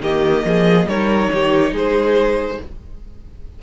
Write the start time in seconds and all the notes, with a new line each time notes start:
0.00 D#3 A#3 G4 D#5
0.44 F3 G#4
0.86 G3 D#4 A#4 C#5
1.32 D#3 G4
1.71 G#3 G#4 C5